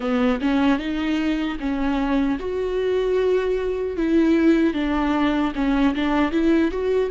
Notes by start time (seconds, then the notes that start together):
0.00 B3
0.41 C#4
0.78 D#4
1.59 C#4
2.39 F#4
3.96 E4
4.73 D4
5.55 C#4
5.94 D4
6.31 E4
6.71 F#4